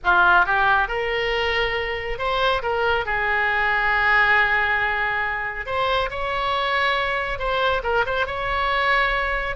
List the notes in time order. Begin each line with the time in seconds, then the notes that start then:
0.04 F4
0.45 G4
0.87 A#4
2.18 C5
2.62 A#4
3.05 G#4
5.66 C5
6.10 C#5
7.38 C5
7.83 A#4
8.06 C5
8.26 C#5